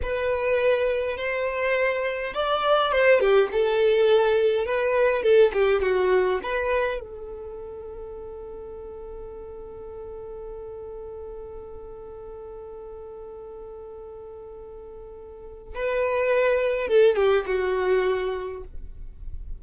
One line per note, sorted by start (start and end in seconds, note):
0.02 1.17 B4
1.17 2.33 C5
2.34 2.92 D5
2.92 3.19 C5
3.19 3.48 G4
3.52 4.65 A4
4.65 5.23 B4
5.23 5.52 A4
5.53 5.81 G4
5.81 6.40 F#4
6.42 7.00 B4
7.00 15.74 A4
15.74 16.88 B4
16.88 17.16 A4
17.16 17.45 G4
17.46 18.62 F#4